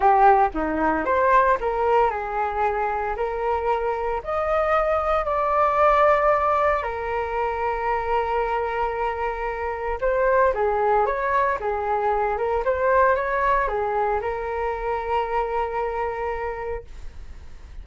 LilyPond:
\new Staff \with { instrumentName = "flute" } { \time 4/4 \tempo 4 = 114 g'4 dis'4 c''4 ais'4 | gis'2 ais'2 | dis''2 d''2~ | d''4 ais'2.~ |
ais'2. c''4 | gis'4 cis''4 gis'4. ais'8 | c''4 cis''4 gis'4 ais'4~ | ais'1 | }